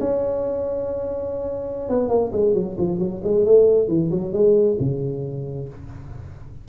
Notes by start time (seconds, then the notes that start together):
0.00 C#4
1.89 B3
2.09 A#3
2.32 G#3
2.54 F#3
2.78 F3
2.99 F#3
3.23 G#3
3.45 A3
3.88 E3
4.11 F#3
4.33 G#3
4.79 C#3